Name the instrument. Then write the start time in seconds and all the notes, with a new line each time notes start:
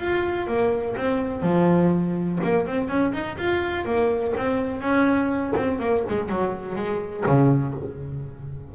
double bass
0.00 F4
0.47 A#3
0.97 C4
1.42 F3
2.44 A#3
2.67 C4
2.89 C#4
3.13 D#4
3.38 F4
3.85 A#3
4.37 C4
4.81 C#4
5.56 C4
5.80 A#3
6.09 G#3
6.29 F#3
6.76 G#3
7.26 C#3